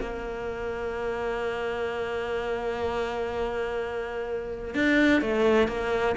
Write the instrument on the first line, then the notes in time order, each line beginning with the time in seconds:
cello
0.00 A#3
4.74 D4
5.21 A3
5.68 A#3